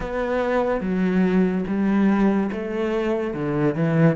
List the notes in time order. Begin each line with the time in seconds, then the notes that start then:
0.00 B3
0.81 F#3
1.67 G3
2.52 A3
3.33 D3
3.75 E3